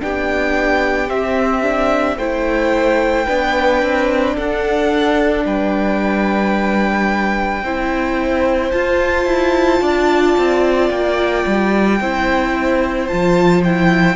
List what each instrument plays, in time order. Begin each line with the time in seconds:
0.00 cello B3, viola D4, violin G4 G5
1.08 viola C4, cello C4, violin E5
1.62 viola D4
2.16 cello A3, viola E4, violin C5 G5
3.26 cello B3, viola D4, violin B4
3.82 cello C4
4.35 cello D4, violin A4 F#5
5.45 cello G3, violin B4 G5
7.62 cello C4, viola E4, violin C5
8.71 viola F4, cello F4, violin A5
9.25 cello E4
9.81 cello D4, violin D5
10.37 cello C4
10.90 cello A#3, violin G5
11.46 cello G3
12.00 cello C4, viola E4, violin C5
13.07 cello F3, viola F4, violin A5
13.63 viola E4, violin G5